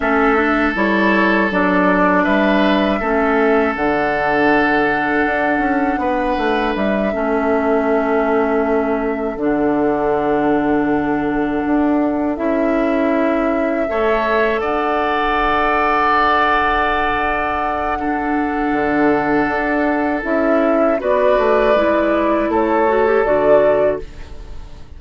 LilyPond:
<<
  \new Staff \with { instrumentName = "flute" } { \time 4/4 \tempo 4 = 80 e''4 cis''4 d''4 e''4~ | e''4 fis''2.~ | fis''4 e''2.~ | e''8 fis''2.~ fis''8~ |
fis''8 e''2. fis''8~ | fis''1~ | fis''2. e''4 | d''2 cis''4 d''4 | }
  \new Staff \with { instrumentName = "oboe" } { \time 4/4 a'2. b'4 | a'1 | b'4. a'2~ a'8~ | a'1~ |
a'2~ a'8 cis''4 d''8~ | d''1 | a'1 | b'2 a'2 | }
  \new Staff \with { instrumentName = "clarinet" } { \time 4/4 cis'8 d'8 e'4 d'2 | cis'4 d'2.~ | d'4. cis'2~ cis'8~ | cis'8 d'2.~ d'8~ |
d'8 e'2 a'4.~ | a'1 | d'2. e'4 | fis'4 e'4. fis'16 g'16 fis'4 | }
  \new Staff \with { instrumentName = "bassoon" } { \time 4/4 a4 g4 fis4 g4 | a4 d2 d'8 cis'8 | b8 a8 g8 a2~ a8~ | a8 d2. d'8~ |
d'8 cis'2 a4 d'8~ | d'1~ | d'4 d4 d'4 cis'4 | b8 a8 gis4 a4 d4 | }
>>